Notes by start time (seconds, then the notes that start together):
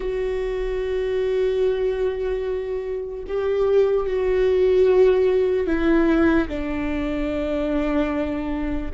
0.00 F#4
3.27 G4
4.06 F#4
5.66 E4
6.48 D4